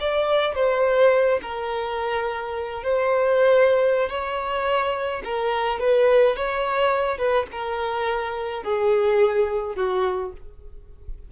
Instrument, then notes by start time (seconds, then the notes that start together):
violin
0.00 D5
0.55 C5
1.42 A#4
2.83 C5
4.09 C#5
5.25 A#4
5.80 B4
6.36 C#5
7.18 B4
7.52 A#4
8.63 G#4
9.75 F#4